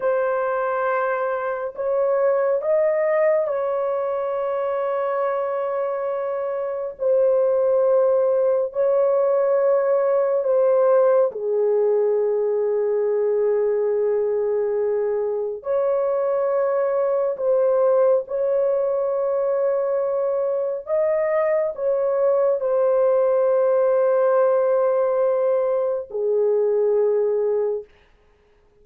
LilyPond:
\new Staff \with { instrumentName = "horn" } { \time 4/4 \tempo 4 = 69 c''2 cis''4 dis''4 | cis''1 | c''2 cis''2 | c''4 gis'2.~ |
gis'2 cis''2 | c''4 cis''2. | dis''4 cis''4 c''2~ | c''2 gis'2 | }